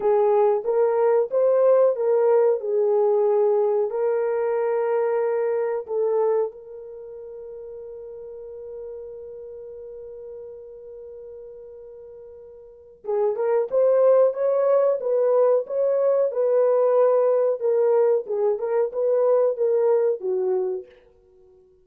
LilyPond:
\new Staff \with { instrumentName = "horn" } { \time 4/4 \tempo 4 = 92 gis'4 ais'4 c''4 ais'4 | gis'2 ais'2~ | ais'4 a'4 ais'2~ | ais'1~ |
ais'1 | gis'8 ais'8 c''4 cis''4 b'4 | cis''4 b'2 ais'4 | gis'8 ais'8 b'4 ais'4 fis'4 | }